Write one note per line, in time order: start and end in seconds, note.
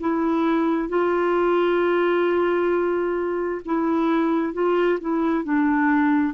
0.00 0.89 E4
0.89 3.62 F4
3.65 4.53 E4
4.53 4.99 F4
5.00 5.44 E4
5.44 6.34 D4